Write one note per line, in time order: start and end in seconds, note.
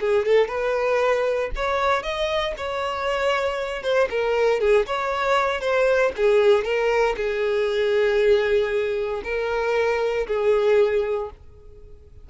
0.00 0.25 G#4
0.25 0.48 A4
0.48 1.50 B4
1.55 2.02 C#5
2.02 2.54 D#5
2.57 3.82 C#5
3.82 4.08 C5
4.10 4.60 A#4
4.60 4.86 G#4
4.86 5.60 C#5
5.60 6.12 C5
6.16 6.64 G#4
6.64 7.15 A#4
7.17 9.22 G#4
9.24 10.26 A#4
10.27 11.30 G#4